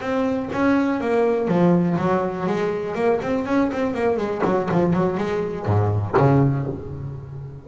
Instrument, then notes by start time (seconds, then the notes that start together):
double bass
0.00 C4
0.52 C#4
1.00 A#3
1.48 F3
1.98 F#3
2.46 G#3
2.95 A#3
3.22 C4
3.46 C#4
3.72 C4
3.94 A#3
4.17 G#3
4.44 F#3
4.71 F3
4.93 F#3
5.17 G#3
5.66 G#2
6.17 C#3